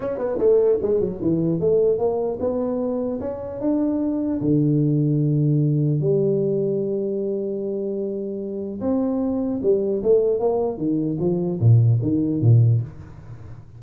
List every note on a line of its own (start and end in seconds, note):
0.00 0.17 C#4
0.17 0.37 B3
0.38 0.78 A3
0.82 1.00 G#3
1.00 1.20 F#3
1.21 1.59 E3
1.59 1.98 A3
1.98 2.38 A#3
2.39 3.19 B3
3.20 3.60 C#4
3.60 4.40 D4
4.41 6.00 D3
6.00 8.80 G3
8.81 9.61 C4
9.62 10.02 G3
10.03 10.39 A3
10.39 10.77 A#3
10.77 11.17 D#3
11.19 11.59 F3
11.60 12.00 A#2
12.02 12.41 D#3
12.41 12.81 A#2